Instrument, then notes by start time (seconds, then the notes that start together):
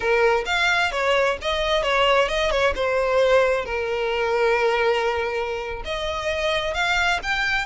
violin
0.00 A#4
0.45 F5
0.91 C#5
1.41 D#5
1.82 C#5
2.28 D#5
2.50 C#5
2.75 C5
3.65 A#4
5.85 D#5
6.73 F5
7.22 G5